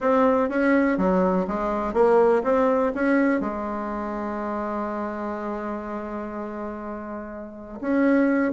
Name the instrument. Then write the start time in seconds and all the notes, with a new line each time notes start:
bassoon
0.00 C4
0.49 C#4
0.97 F#3
1.47 G#3
1.93 A#3
2.43 C4
2.94 C#4
3.40 G#3
7.80 C#4